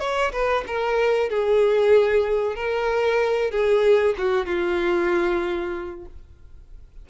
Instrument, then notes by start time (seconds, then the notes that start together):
violin
0.00 C#5
0.32 B4
0.67 A#4
1.30 G#4
2.56 A#4
3.51 G#4
4.18 F#4
4.46 F4